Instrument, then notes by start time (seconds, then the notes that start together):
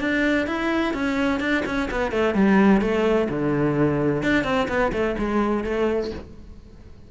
cello
0.00 D4
0.47 E4
0.94 C#4
1.40 D4
1.66 C#4
1.91 B3
2.12 A3
2.34 G3
2.81 A3
3.29 D3
4.23 D4
4.44 C4
4.69 B3
4.92 A3
5.18 G#3
5.64 A3